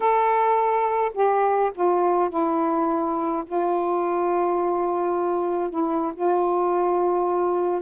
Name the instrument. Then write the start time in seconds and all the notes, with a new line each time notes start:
saxophone
0.00 A4
1.14 G4
1.74 F4
2.29 E4
3.46 F4
5.70 E4
6.14 F4